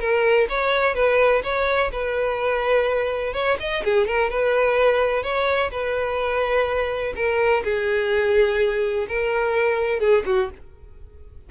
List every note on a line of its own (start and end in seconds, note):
0.00 0.48 A#4
0.49 0.95 C#5
0.95 1.43 B4
1.44 1.91 C#5
1.92 3.34 B4
3.34 3.58 C#5
3.60 3.84 D#5
3.84 4.07 G#4
4.07 4.30 A#4
4.30 5.23 B4
5.23 5.71 C#5
5.71 7.14 B4
7.16 7.64 A#4
7.65 9.08 G#4
9.08 10.00 A#4
10.00 10.24 G#4
10.26 10.50 F#4